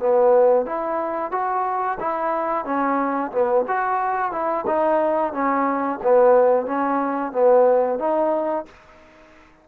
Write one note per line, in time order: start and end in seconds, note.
0.00 0.66 B3
0.66 1.32 E4
1.32 1.99 F#4
2.00 2.65 E4
2.65 3.32 C#4
3.32 3.65 B3
3.68 4.32 F#4
4.32 4.66 E4
4.67 5.33 D#4
5.33 6.00 C#4
6.03 6.67 B3
6.67 7.33 C#4
7.33 7.99 B3
7.99 8.66 D#4